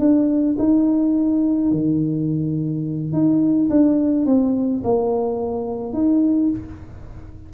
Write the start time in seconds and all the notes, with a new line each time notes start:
0.00 D4
0.59 D#4
1.72 D#3
3.13 D#4
3.70 D4
4.26 C4
4.84 A#3
5.94 D#4